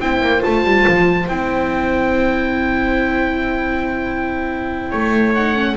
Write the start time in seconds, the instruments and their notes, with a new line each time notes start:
0.00 double bass C4, viola E4, trumpet C5, oboe G5
0.21 double bass A#3
0.40 viola F4, oboe A5
0.46 double bass A3
0.64 double bass G3
0.88 double bass F3
1.28 double bass C4, viola E4, oboe G5
4.90 double bass A3, trumpet C#5
5.35 viola D#4, oboe F#5
5.55 viola C#4